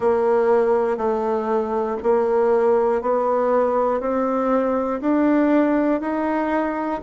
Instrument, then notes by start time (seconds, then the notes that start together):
bassoon
0.00 A#3
0.97 A3
2.03 A#3
3.01 B3
4.00 C4
5.00 D4
6.00 D#4